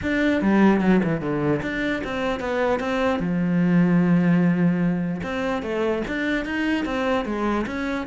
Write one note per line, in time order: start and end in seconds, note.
0.02 0.41 D4
0.41 0.80 G3
0.80 1.00 F#3
1.03 1.20 E3
1.20 1.61 D3
1.62 2.02 D4
2.03 2.40 C4
2.40 2.79 B3
2.79 3.19 C4
3.19 5.21 F3
5.23 5.62 C4
5.62 6.02 A3
6.07 6.45 D4
6.45 6.85 D#4
6.85 7.25 C4
7.25 7.65 G#3
7.66 8.06 C#4